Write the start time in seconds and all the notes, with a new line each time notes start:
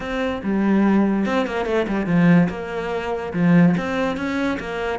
0.00 C4
0.43 G3
1.25 C4
1.46 A#3
1.65 A3
1.87 G3
2.06 F3
2.49 A#3
3.33 F3
3.77 C4
4.16 C#4
4.59 A#3